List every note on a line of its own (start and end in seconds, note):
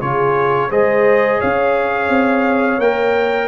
0.00 0.71 C#3
0.00 0.70 F4
0.00 0.69 G#4
0.00 0.71 C#5
0.69 1.41 G#3
0.69 2.80 G#4
0.69 1.39 C5
0.69 1.41 D#5
1.40 2.09 C#4
1.40 3.48 C#5
1.40 2.81 F5
2.09 2.78 C4
2.78 3.48 A#3
2.78 3.48 A#4
2.78 3.48 G5